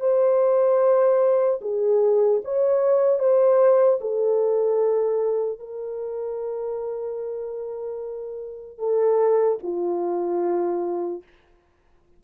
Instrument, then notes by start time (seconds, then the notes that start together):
horn
0.00 C5
1.61 G#4
2.44 C#5
3.19 C5
4.01 A4
5.59 A#4
8.78 A4
9.63 F4